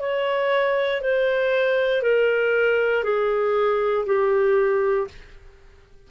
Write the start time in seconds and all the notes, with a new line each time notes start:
0.00 C#5
1.02 C5
2.02 A#4
3.04 G#4
4.06 G4